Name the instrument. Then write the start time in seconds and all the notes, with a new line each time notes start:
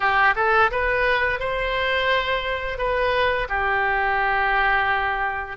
oboe
0.00 G4
0.35 A4
0.71 B4
1.40 C5
2.77 B4
3.49 G4